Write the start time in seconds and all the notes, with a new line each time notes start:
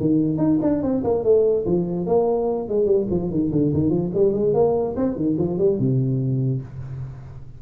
0.00 D#3
0.37 D#4
0.61 D4
0.82 C4
1.03 A#3
1.23 A3
1.66 F3
2.06 A#3
2.68 G#3
2.86 G3
3.10 F3
3.30 D#3
3.51 D3
3.73 D#3
3.90 F3
4.14 G3
4.33 G#3
4.53 A#3
4.96 C4
5.15 D#3
5.38 F3
5.58 G3
5.78 C3